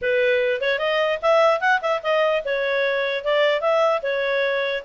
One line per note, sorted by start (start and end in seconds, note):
0.01 0.61 B4
0.61 0.79 C#5
0.79 1.19 D#5
1.22 1.60 E5
1.60 1.80 F#5
1.81 2.01 E5
2.02 2.43 D#5
2.44 3.24 C#5
3.24 3.60 D5
3.60 4.01 E5
4.02 4.83 C#5